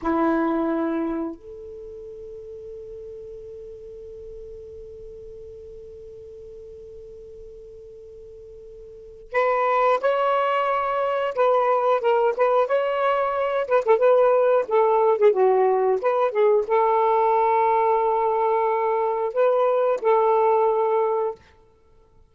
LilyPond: \new Staff \with { instrumentName = "saxophone" } { \time 4/4 \tempo 4 = 90 e'2 a'2~ | a'1~ | a'1~ | a'2 b'4 cis''4~ |
cis''4 b'4 ais'8 b'8 cis''4~ | cis''8 b'16 a'16 b'4 a'8. gis'16 fis'4 | b'8 gis'8 a'2.~ | a'4 b'4 a'2 | }